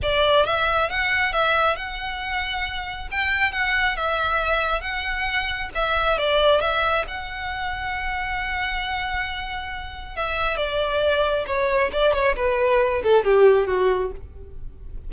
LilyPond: \new Staff \with { instrumentName = "violin" } { \time 4/4 \tempo 4 = 136 d''4 e''4 fis''4 e''4 | fis''2. g''4 | fis''4 e''2 fis''4~ | fis''4 e''4 d''4 e''4 |
fis''1~ | fis''2. e''4 | d''2 cis''4 d''8 cis''8 | b'4. a'8 g'4 fis'4 | }